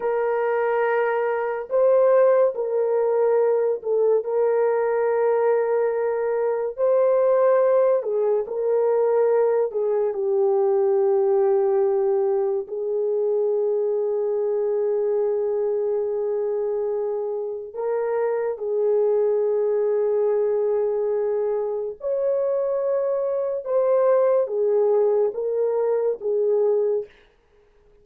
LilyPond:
\new Staff \with { instrumentName = "horn" } { \time 4/4 \tempo 4 = 71 ais'2 c''4 ais'4~ | ais'8 a'8 ais'2. | c''4. gis'8 ais'4. gis'8 | g'2. gis'4~ |
gis'1~ | gis'4 ais'4 gis'2~ | gis'2 cis''2 | c''4 gis'4 ais'4 gis'4 | }